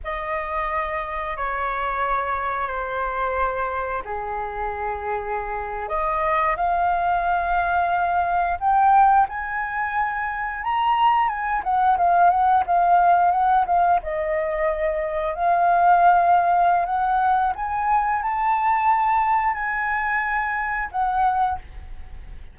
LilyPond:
\new Staff \with { instrumentName = "flute" } { \time 4/4 \tempo 4 = 89 dis''2 cis''2 | c''2 gis'2~ | gis'8. dis''4 f''2~ f''16~ | f''8. g''4 gis''2 ais''16~ |
ais''8. gis''8 fis''8 f''8 fis''8 f''4 fis''16~ | fis''16 f''8 dis''2 f''4~ f''16~ | f''4 fis''4 gis''4 a''4~ | a''4 gis''2 fis''4 | }